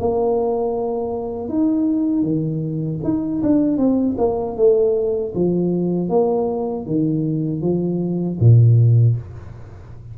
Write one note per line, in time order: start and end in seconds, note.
0.00 1.49 A#3
1.49 2.23 D#4
2.23 3.00 D#3
3.04 3.42 D#4
3.43 3.78 D4
3.78 4.16 C4
4.18 4.57 A#3
4.57 5.34 A3
5.35 6.09 F3
6.09 6.86 A#3
6.86 7.62 D#3
7.62 8.38 F3
8.40 9.17 A#2